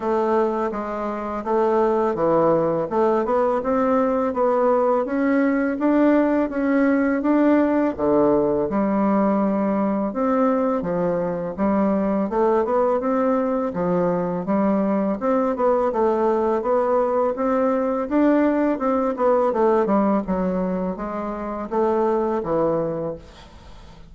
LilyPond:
\new Staff \with { instrumentName = "bassoon" } { \time 4/4 \tempo 4 = 83 a4 gis4 a4 e4 | a8 b8 c'4 b4 cis'4 | d'4 cis'4 d'4 d4 | g2 c'4 f4 |
g4 a8 b8 c'4 f4 | g4 c'8 b8 a4 b4 | c'4 d'4 c'8 b8 a8 g8 | fis4 gis4 a4 e4 | }